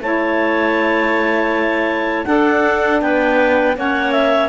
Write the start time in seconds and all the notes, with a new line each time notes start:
0.00 A3 E4 C#5 A5
2.24 D4 A4 F#5
3.01 B3 B4 G5
3.75 A#3 C#4 C#5 F#5
4.12 E5